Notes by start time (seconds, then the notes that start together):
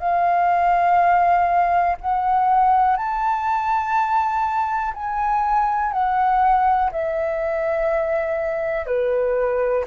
0.00 F5
2.01 F#5
2.97 A5
4.94 G#5
5.92 F#5
6.92 E5
8.87 B4